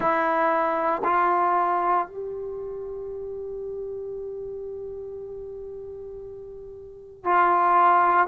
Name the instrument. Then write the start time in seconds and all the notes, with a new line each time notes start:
trombone
0.00 E4
1.03 F4
2.07 G4
7.24 F4